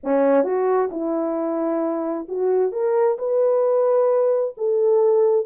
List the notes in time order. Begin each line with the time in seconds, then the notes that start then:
0.03 C#4
0.44 F#4
0.91 E4
2.28 F#4
2.72 A#4
3.18 B4
4.57 A4